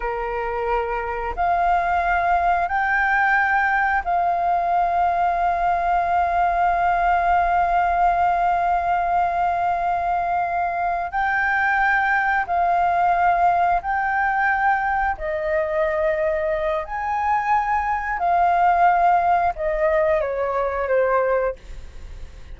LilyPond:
\new Staff \with { instrumentName = "flute" } { \time 4/4 \tempo 4 = 89 ais'2 f''2 | g''2 f''2~ | f''1~ | f''1~ |
f''8 g''2 f''4.~ | f''8 g''2 dis''4.~ | dis''4 gis''2 f''4~ | f''4 dis''4 cis''4 c''4 | }